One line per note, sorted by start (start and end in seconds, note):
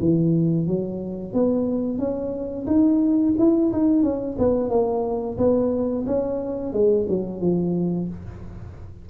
0.00 0.66 E3
0.66 1.33 F#3
1.33 1.98 B3
1.98 2.66 C#4
2.66 3.34 D#4
3.38 3.72 E4
3.72 4.03 D#4
4.03 4.36 C#4
4.38 4.69 B3
4.69 5.37 A#3
5.37 6.05 B3
6.06 6.73 C#4
6.73 7.06 G#3
7.08 7.40 F#3
7.40 8.08 F3